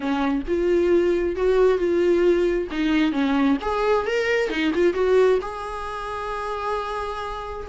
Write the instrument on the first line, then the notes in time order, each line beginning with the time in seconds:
viola
0.00 C#4
0.47 F4
1.36 F#4
1.78 F4
2.71 D#4
3.12 C#4
3.61 G#4
4.06 A#4
4.49 D#4
4.74 F4
4.93 F#4
5.41 G#4